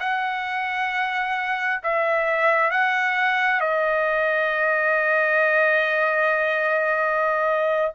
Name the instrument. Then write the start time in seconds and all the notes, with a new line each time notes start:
trumpet
0.00 F#5
1.83 E5
2.71 F#5
3.61 D#5